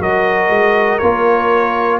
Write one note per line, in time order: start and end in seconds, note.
0.00 0.50 F#3
0.00 1.00 F#4
0.00 2.00 A#4
0.00 0.99 D#5
0.50 1.00 G#3
0.99 2.00 A#3
0.99 2.00 F4
0.99 1.99 C#5